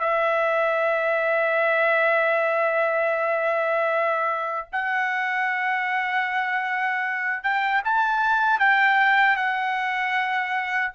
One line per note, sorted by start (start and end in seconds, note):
0.00 4.68 E5
4.72 7.43 F#5
7.43 7.82 G5
7.84 8.59 A5
8.59 9.36 G5
9.36 10.92 F#5